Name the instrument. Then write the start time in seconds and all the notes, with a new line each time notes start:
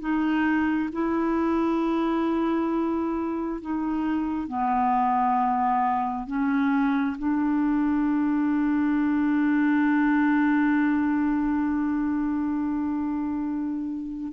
clarinet
0.00 D#4
0.92 E4
3.61 D#4
4.48 B3
6.26 C#4
7.18 D4